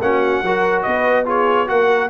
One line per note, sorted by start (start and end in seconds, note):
0.00 0.42 A#3
0.00 0.44 C#4
0.00 0.44 F#4
0.00 0.82 F#5
0.43 0.85 F#3
0.43 1.25 F#4
0.43 0.84 A#4
0.82 1.69 B3
0.82 1.26 B4
0.82 1.24 D#5
1.25 1.67 F4
1.25 1.68 G#4
1.25 1.68 C#5
1.67 2.09 A#3
1.67 2.09 F#4
1.67 2.09 A#4
1.67 2.09 F#5